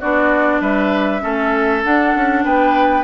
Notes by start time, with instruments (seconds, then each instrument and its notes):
0.00 bassoon B3, clarinet D4, oboe F#4, flute D5
0.61 bassoon G3, oboe B4, flute E5
1.21 bassoon A3, clarinet C#4, oboe A4
1.84 clarinet D4, bassoon D4, flute F#5
2.15 bassoon C#4
2.45 bassoon B3, oboe B4, flute G5